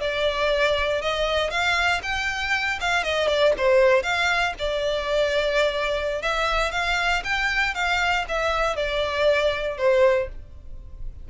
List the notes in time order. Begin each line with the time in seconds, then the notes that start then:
0.00 D5
1.01 D#5
1.50 F5
2.02 G5
2.80 F5
3.03 D#5
3.27 D5
3.57 C5
4.03 F5
4.58 D5
6.21 E5
6.71 F5
7.24 G5
7.74 F5
8.28 E5
8.75 D5
9.77 C5